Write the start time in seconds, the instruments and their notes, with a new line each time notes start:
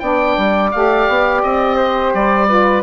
0.00 bassoon B3, saxophone D4, flute D5, oboe G5
0.38 bassoon G3
0.72 bassoon A3, saxophone G4, oboe F5
1.09 bassoon B3
1.43 bassoon C4, oboe D#5
1.76 flute C5
2.14 bassoon G3, oboe D5
2.48 saxophone F4, flute B4